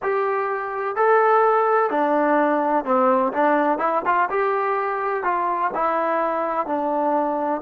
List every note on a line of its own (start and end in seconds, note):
0.02 0.95 G4
0.95 1.90 A4
1.90 2.84 D4
2.84 3.32 C4
3.32 3.78 D4
3.78 4.02 E4
4.05 4.29 F4
4.30 5.23 G4
5.23 5.71 F4
5.74 6.66 E4
6.66 7.61 D4